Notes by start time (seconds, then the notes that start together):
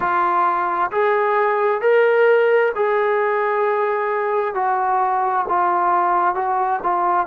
0.00 F4
0.91 G#4
1.81 A#4
2.75 G#4
4.54 F#4
5.48 F4
6.34 F#4
6.83 F4